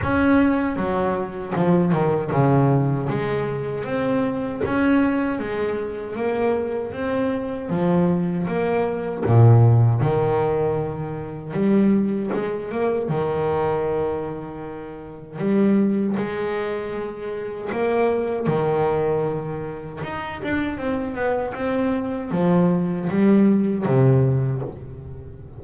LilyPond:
\new Staff \with { instrumentName = "double bass" } { \time 4/4 \tempo 4 = 78 cis'4 fis4 f8 dis8 cis4 | gis4 c'4 cis'4 gis4 | ais4 c'4 f4 ais4 | ais,4 dis2 g4 |
gis8 ais8 dis2. | g4 gis2 ais4 | dis2 dis'8 d'8 c'8 b8 | c'4 f4 g4 c4 | }